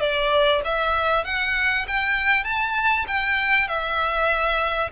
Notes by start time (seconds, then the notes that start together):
0.00 D5
0.64 E5
1.24 F#5
1.87 G5
2.44 A5
3.07 G5
3.67 E5